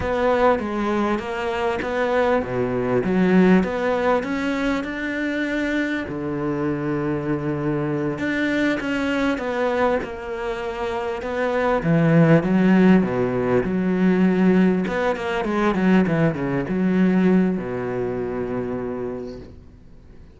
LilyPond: \new Staff \with { instrumentName = "cello" } { \time 4/4 \tempo 4 = 99 b4 gis4 ais4 b4 | b,4 fis4 b4 cis'4 | d'2 d2~ | d4. d'4 cis'4 b8~ |
b8 ais2 b4 e8~ | e8 fis4 b,4 fis4.~ | fis8 b8 ais8 gis8 fis8 e8 cis8 fis8~ | fis4 b,2. | }